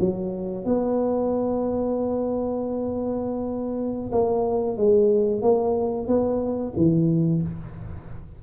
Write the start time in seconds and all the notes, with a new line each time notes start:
0.00 F#3
0.65 B3
4.12 A#3
4.77 G#3
5.42 A#3
6.07 B3
6.77 E3